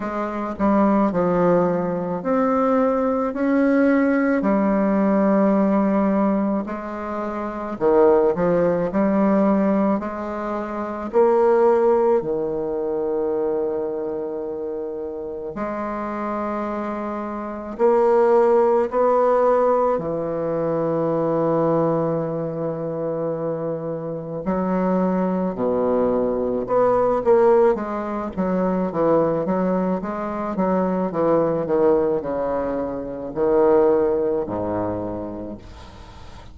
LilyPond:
\new Staff \with { instrumentName = "bassoon" } { \time 4/4 \tempo 4 = 54 gis8 g8 f4 c'4 cis'4 | g2 gis4 dis8 f8 | g4 gis4 ais4 dis4~ | dis2 gis2 |
ais4 b4 e2~ | e2 fis4 b,4 | b8 ais8 gis8 fis8 e8 fis8 gis8 fis8 | e8 dis8 cis4 dis4 gis,4 | }